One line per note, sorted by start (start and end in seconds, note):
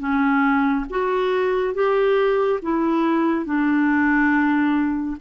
0.00 0.86 C#4
0.90 1.75 F#4
1.75 2.60 G4
2.63 3.46 E4
3.46 5.17 D4